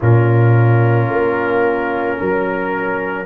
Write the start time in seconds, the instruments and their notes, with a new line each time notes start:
0.00 tuba A#2, trombone C#4, horn F4, trumpet A#4
1.09 tuba A#3
2.17 tuba F#3, horn A#4